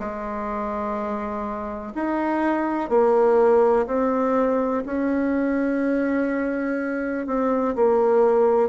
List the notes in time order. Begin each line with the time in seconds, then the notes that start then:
0.00 G#3
1.95 D#4
2.90 A#3
3.87 C4
4.87 C#4
7.27 C4
7.76 A#3